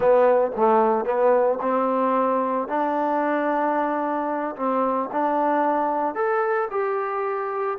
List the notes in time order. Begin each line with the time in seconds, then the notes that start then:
0.00 B3
0.56 A3
1.05 B3
1.61 C4
2.68 D4
4.56 C4
5.12 D4
6.14 A4
6.70 G4